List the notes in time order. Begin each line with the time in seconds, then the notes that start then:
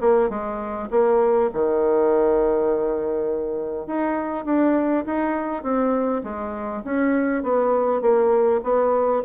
0.00 A#3
0.29 G#3
0.90 A#3
1.53 D#3
3.86 D#4
4.45 D4
5.05 D#4
5.62 C4
6.23 G#3
6.84 C#4
7.43 B3
8.01 A#3
8.63 B3